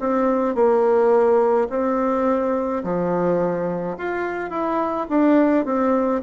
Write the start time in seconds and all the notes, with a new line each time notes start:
0.00 C4
0.55 A#3
1.70 C4
2.84 F3
3.98 F4
4.50 E4
5.09 D4
5.66 C4